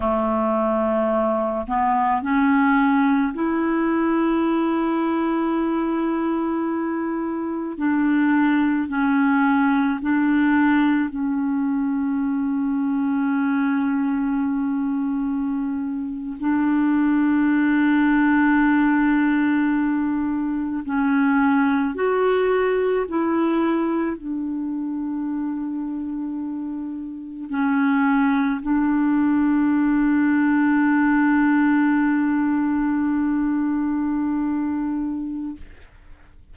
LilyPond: \new Staff \with { instrumentName = "clarinet" } { \time 4/4 \tempo 4 = 54 a4. b8 cis'4 e'4~ | e'2. d'4 | cis'4 d'4 cis'2~ | cis'2~ cis'8. d'4~ d'16~ |
d'2~ d'8. cis'4 fis'16~ | fis'8. e'4 d'2~ d'16~ | d'8. cis'4 d'2~ d'16~ | d'1 | }